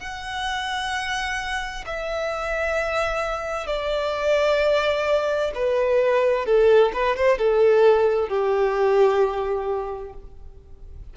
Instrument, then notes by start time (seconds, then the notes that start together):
violin
0.00 F#5
1.86 E5
3.67 D5
5.55 B4
6.46 A4
6.94 B4
7.16 C5
7.38 A4
8.29 G4